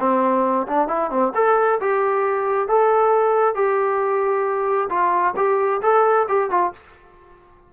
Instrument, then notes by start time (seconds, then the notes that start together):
trombone
0.00 C4
0.68 D4
0.88 E4
1.11 C4
1.35 A4
1.81 G4
2.69 A4
3.55 G4
4.90 F4
5.37 G4
5.82 A4
6.29 G4
6.51 F4